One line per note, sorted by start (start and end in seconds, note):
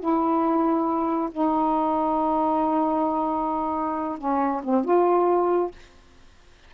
0.00 1.29 E4
1.32 4.18 D#4
4.18 4.61 C#4
4.64 4.85 C4
4.85 5.71 F4